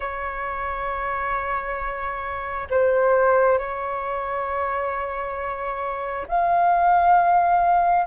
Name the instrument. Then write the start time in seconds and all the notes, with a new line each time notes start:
flute
0.00 C#5
2.70 C5
3.58 C#5
6.28 F5